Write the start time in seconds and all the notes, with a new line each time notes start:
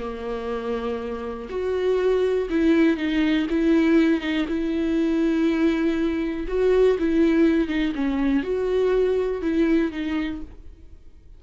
0.00 A#3
1.50 F#4
2.50 E4
2.97 D#4
3.50 E4
4.21 D#4
4.48 E4
6.48 F#4
6.99 E4
7.68 D#4
7.95 C#4
8.43 F#4
9.42 E4
9.92 D#4